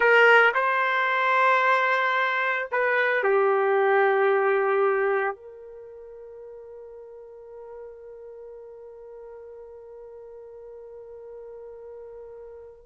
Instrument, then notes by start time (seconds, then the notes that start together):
trumpet
0.00 A#4
0.54 C5
2.71 B4
3.23 G4
5.35 A#4